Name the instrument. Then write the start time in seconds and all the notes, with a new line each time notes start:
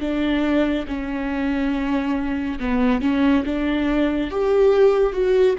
viola
0.00 D4
0.87 C#4
2.59 B3
3.01 C#4
3.45 D4
4.31 G4
5.13 F#4